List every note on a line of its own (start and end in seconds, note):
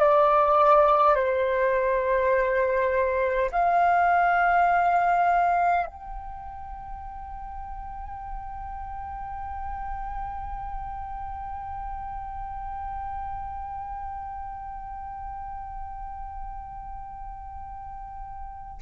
0.00 1.16 D5
1.16 3.51 C5
3.52 5.87 F5
5.87 18.81 G5